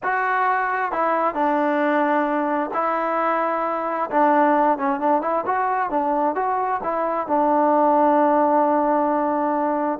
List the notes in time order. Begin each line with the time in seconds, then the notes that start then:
0.03 F#4
0.92 E4
1.34 D4
2.73 E4
4.10 D4
4.77 C#4
5.00 D4
5.21 E4
5.46 F#4
5.90 D4
6.35 F#4
6.83 E4
7.27 D4